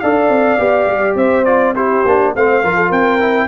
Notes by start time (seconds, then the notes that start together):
0.00 D4 A4 D5 F5
0.29 C4
0.59 B3 G4
0.87 G3
1.15 C4 C5 E5
1.45 F4 D5
1.75 E4 G4 C5
2.06 A#3 D4
2.36 A3 C4 C5 F5
2.64 F3 F4 A#4
2.76 A4
2.89 C4 A#4 G5
3.21 E4